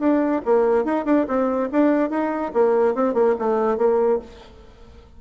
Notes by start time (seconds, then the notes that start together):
0.00 D4
0.46 A#3
0.85 D#4
1.06 D4
1.28 C4
1.72 D4
2.11 D#4
2.54 A#3
2.95 C4
3.14 A#3
3.39 A3
3.78 A#3